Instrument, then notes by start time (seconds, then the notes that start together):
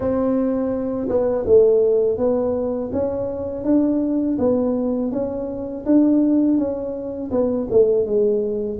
tuba
0.00 C4
1.08 B3
1.46 A3
2.17 B3
2.92 C#4
3.64 D4
4.38 B3
5.11 C#4
5.85 D4
6.57 C#4
7.31 B3
7.70 A3
8.06 G#3